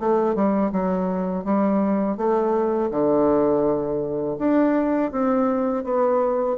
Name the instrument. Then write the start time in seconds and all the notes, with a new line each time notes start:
bassoon
0.00 A3
0.36 G3
0.73 F#3
1.45 G3
2.18 A3
2.91 D3
4.39 D4
5.12 C4
5.85 B3